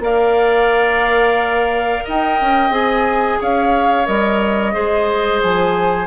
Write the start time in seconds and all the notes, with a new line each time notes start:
0.00 A#3 A#4 D5 F5
2.04 D#4 D#5 G5
2.41 C#4
2.70 C4 G#4 G#5
3.41 C#4 C#5 F5
4.06 G3 A#4 D#5
4.73 G#3 G#4 C5
5.42 F3 G#5